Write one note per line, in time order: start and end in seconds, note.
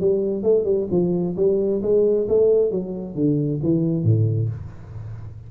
0.00 0.43 G3
0.43 0.65 A3
0.65 0.87 G3
0.91 1.36 F3
1.37 1.82 G3
1.82 2.27 G#3
2.28 2.71 A3
2.71 3.15 F#3
3.15 3.60 D3
3.63 4.04 E3
4.04 4.49 A2